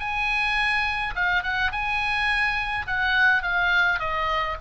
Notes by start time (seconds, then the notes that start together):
0.00 G#5
1.16 F5
1.43 F#5
1.72 G#5
2.87 F#5
3.43 F5
3.99 D#5